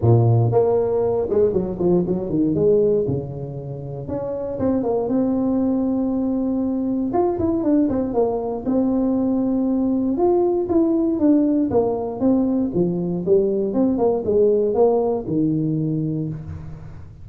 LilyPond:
\new Staff \with { instrumentName = "tuba" } { \time 4/4 \tempo 4 = 118 ais,4 ais4. gis8 fis8 f8 | fis8 dis8 gis4 cis2 | cis'4 c'8 ais8 c'2~ | c'2 f'8 e'8 d'8 c'8 |
ais4 c'2. | f'4 e'4 d'4 ais4 | c'4 f4 g4 c'8 ais8 | gis4 ais4 dis2 | }